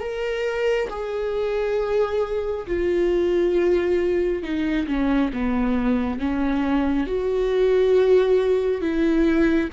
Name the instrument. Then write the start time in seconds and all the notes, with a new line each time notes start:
viola
0.00 A#4
0.90 G#4
2.67 F4
4.43 D#4
4.87 C#4
5.33 B3
6.19 C#4
7.07 F#4
8.81 E4